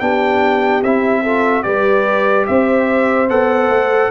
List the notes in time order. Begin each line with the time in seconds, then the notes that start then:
0.00 B3 D4 G4 G5
0.83 C4 E4 E5
1.23 F4 A4
1.63 G3 G4 B4 D5
2.46 C4 C5 E5
3.29 B3 A4 F#5
3.68 A3